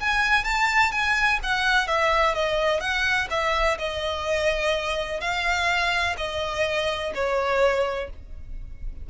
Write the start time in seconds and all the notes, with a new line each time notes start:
0.00 G#5
0.45 A5
0.92 G#5
1.43 F#5
1.88 E5
2.35 D#5
2.80 F#5
3.31 E5
3.79 D#5
5.21 F5
6.18 D#5
7.15 C#5